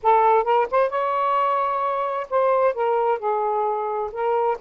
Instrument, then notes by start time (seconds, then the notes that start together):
saxophone
0.02 A4
0.44 A#4
0.70 C5
0.89 C#5
2.30 C5
2.74 A#4
3.19 G#4
4.12 A#4